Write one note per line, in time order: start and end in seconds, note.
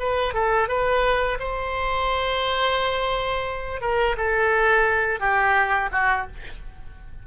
0.00 0.34 B4
0.34 0.69 A4
0.69 1.39 B4
1.40 3.82 C5
3.82 4.16 A#4
4.17 5.20 A4
5.20 5.90 G4
5.92 6.27 F#4